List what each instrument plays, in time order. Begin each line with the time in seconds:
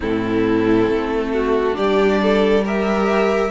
0.00 cello A2, viola C4, violin E4 A4
0.88 cello A3
1.33 violin F#4
1.73 cello G3, viola D4, violin G4 D5
2.22 violin A4
2.64 viola G4, violin A#4 E5